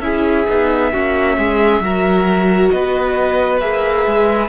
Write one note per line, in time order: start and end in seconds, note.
0.00 0.45 C#4
0.00 0.47 E4
0.00 0.93 G#4
0.00 2.70 E5
0.49 0.94 B3
0.49 0.93 D#4
0.93 1.38 A#3
0.93 1.83 C#4
0.93 1.37 F#4
1.38 1.81 G#3
1.38 1.83 G#4
1.81 2.70 F#3
1.81 3.61 F#4
1.81 2.73 A#4
2.70 3.62 B3
2.70 4.49 B4
2.70 3.60 D#5
3.60 4.07 A#3
3.60 4.49 G#4
3.60 4.49 E5
4.07 4.49 G#3